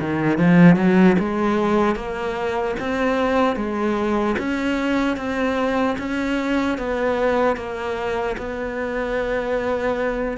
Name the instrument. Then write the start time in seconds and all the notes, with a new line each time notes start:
cello
0.00 D#3
0.38 F3
0.76 F#3
1.19 G#3
1.96 A#3
2.80 C4
3.56 G#3
4.39 C#4
5.17 C4
5.99 C#4
6.78 B3
7.56 A#3
8.38 B3